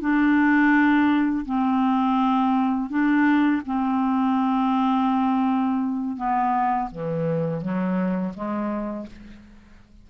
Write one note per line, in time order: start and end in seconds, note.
0.00 1.45 D4
1.45 2.89 C4
2.89 3.61 D4
3.65 6.16 C4
6.16 6.88 B3
6.91 7.61 E3
7.61 8.33 F#3
8.34 9.06 G#3